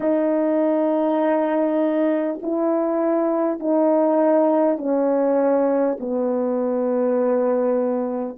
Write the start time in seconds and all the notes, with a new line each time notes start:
0.00 D#4
2.42 E4
3.59 D#4
4.77 C#4
6.00 B3